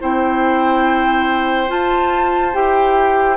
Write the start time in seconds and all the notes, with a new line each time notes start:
0.00 C4 E4 C5 G5
1.67 F4 A5
2.53 E4 G4 G5